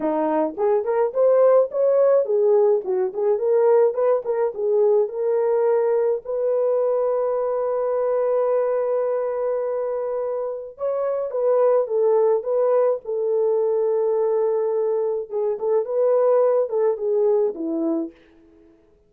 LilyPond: \new Staff \with { instrumentName = "horn" } { \time 4/4 \tempo 4 = 106 dis'4 gis'8 ais'8 c''4 cis''4 | gis'4 fis'8 gis'8 ais'4 b'8 ais'8 | gis'4 ais'2 b'4~ | b'1~ |
b'2. cis''4 | b'4 a'4 b'4 a'4~ | a'2. gis'8 a'8 | b'4. a'8 gis'4 e'4 | }